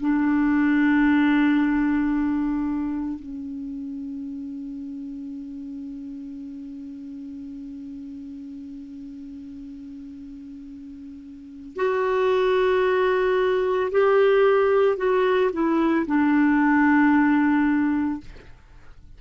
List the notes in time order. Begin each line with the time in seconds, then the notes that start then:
0.00 D4
3.19 C#4
11.76 F#4
13.91 G4
14.97 F#4
15.53 E4
16.06 D4